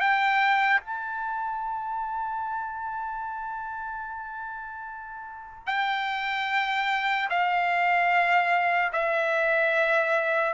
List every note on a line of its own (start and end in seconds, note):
0.00 0.80 G5
0.80 5.66 A5
5.66 7.29 G5
7.30 8.92 F5
8.92 10.53 E5